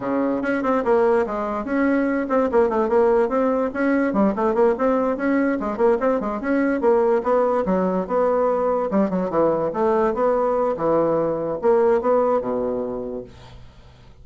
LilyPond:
\new Staff \with { instrumentName = "bassoon" } { \time 4/4 \tempo 4 = 145 cis4 cis'8 c'8 ais4 gis4 | cis'4. c'8 ais8 a8 ais4 | c'4 cis'4 g8 a8 ais8 c'8~ | c'8 cis'4 gis8 ais8 c'8 gis8 cis'8~ |
cis'8 ais4 b4 fis4 b8~ | b4. g8 fis8 e4 a8~ | a8 b4. e2 | ais4 b4 b,2 | }